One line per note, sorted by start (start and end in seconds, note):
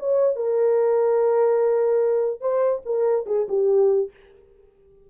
0.00 0.36 C#5
0.36 2.41 A#4
2.41 2.82 C5
2.86 3.27 A#4
3.27 3.47 G#4
3.49 4.11 G4